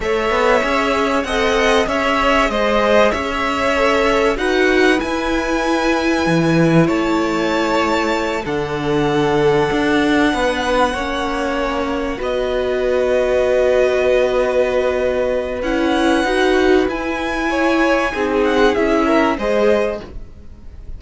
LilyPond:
<<
  \new Staff \with { instrumentName = "violin" } { \time 4/4 \tempo 4 = 96 e''2 fis''4 e''4 | dis''4 e''2 fis''4 | gis''2. a''4~ | a''4. fis''2~ fis''8~ |
fis''2.~ fis''8 dis''8~ | dis''1~ | dis''4 fis''2 gis''4~ | gis''4. fis''8 e''4 dis''4 | }
  \new Staff \with { instrumentName = "violin" } { \time 4/4 cis''2 dis''4 cis''4 | c''4 cis''2 b'4~ | b'2. cis''4~ | cis''4. a'2~ a'8~ |
a'8 b'4 cis''2 b'8~ | b'1~ | b'1 | cis''4 gis'4. ais'8 c''4 | }
  \new Staff \with { instrumentName = "viola" } { \time 4/4 a'4 gis'4 a'4 gis'4~ | gis'2 a'4 fis'4 | e'1~ | e'4. d'2~ d'8~ |
d'4. cis'2 fis'8~ | fis'1~ | fis'4 e'4 fis'4 e'4~ | e'4 dis'4 e'4 gis'4 | }
  \new Staff \with { instrumentName = "cello" } { \time 4/4 a8 b8 cis'4 c'4 cis'4 | gis4 cis'2 dis'4 | e'2 e4 a4~ | a4. d2 d'8~ |
d'8 b4 ais2 b8~ | b1~ | b4 cis'4 dis'4 e'4~ | e'4 c'4 cis'4 gis4 | }
>>